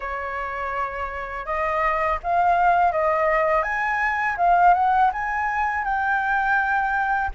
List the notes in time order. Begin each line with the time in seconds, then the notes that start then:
0.00 C#5
1.45 D#5
2.23 F5
2.92 D#5
3.62 G#5
4.37 F5
4.74 F#5
5.12 G#5
5.84 G5